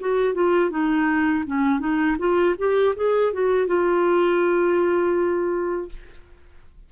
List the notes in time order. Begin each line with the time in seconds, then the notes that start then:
0.00 F#4
0.34 F4
0.70 D#4
1.46 C#4
1.79 D#4
2.18 F4
2.58 G4
2.96 G#4
3.33 F#4
3.67 F4